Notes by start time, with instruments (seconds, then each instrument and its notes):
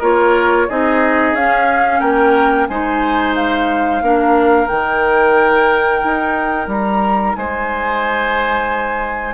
0.00 bassoon A#3, clarinet F4, oboe A#4, flute C#5
0.69 bassoon C4, clarinet D#4, oboe G#4, flute D#5
1.33 bassoon C#4, clarinet C#4, flute F5
2.00 bassoon A#3, oboe A#4, flute G5
2.68 bassoon G#3, clarinet D#4, oboe C5, flute G#5
3.35 flute F5
4.02 bassoon A#3, clarinet D4, oboe A#4
4.68 bassoon D#3, clarinet D#4, flute G5
6.04 bassoon D#4
6.67 bassoon G3, flute A#5
7.35 bassoon G#3, oboe C5, flute G#5